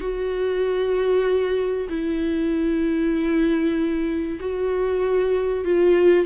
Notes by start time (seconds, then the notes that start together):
0.00 F#4
1.89 E4
4.40 F#4
5.64 F4